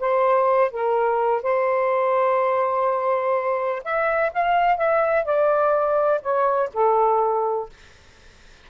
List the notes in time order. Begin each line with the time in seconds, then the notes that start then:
0.00 C5
0.71 A#4
1.43 C5
3.85 E5
4.33 F5
4.78 E5
5.25 D5
6.22 C#5
6.74 A4